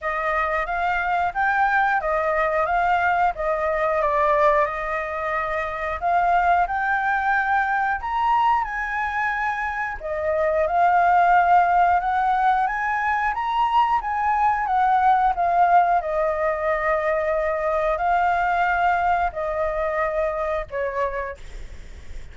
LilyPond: \new Staff \with { instrumentName = "flute" } { \time 4/4 \tempo 4 = 90 dis''4 f''4 g''4 dis''4 | f''4 dis''4 d''4 dis''4~ | dis''4 f''4 g''2 | ais''4 gis''2 dis''4 |
f''2 fis''4 gis''4 | ais''4 gis''4 fis''4 f''4 | dis''2. f''4~ | f''4 dis''2 cis''4 | }